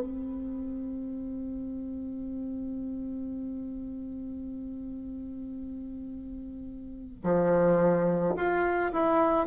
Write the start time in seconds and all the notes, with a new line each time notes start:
0.00 C4
7.24 F3
8.36 F4
8.93 E4